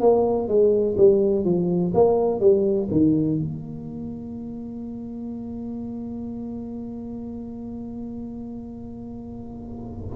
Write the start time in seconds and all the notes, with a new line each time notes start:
0.00 A#3
0.48 G#3
0.97 G3
1.45 F3
1.94 A#3
2.40 G3
2.91 D#3
3.39 A#3